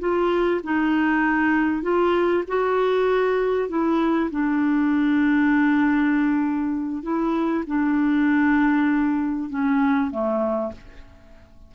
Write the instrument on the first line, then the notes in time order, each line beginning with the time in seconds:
clarinet
0.00 F4
0.64 D#4
1.83 F4
2.48 F#4
3.69 E4
4.31 D4
7.03 E4
7.67 D4
9.50 C#4
10.11 A3